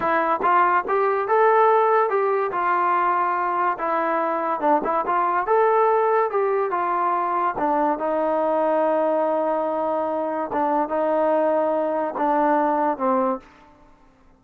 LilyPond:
\new Staff \with { instrumentName = "trombone" } { \time 4/4 \tempo 4 = 143 e'4 f'4 g'4 a'4~ | a'4 g'4 f'2~ | f'4 e'2 d'8 e'8 | f'4 a'2 g'4 |
f'2 d'4 dis'4~ | dis'1~ | dis'4 d'4 dis'2~ | dis'4 d'2 c'4 | }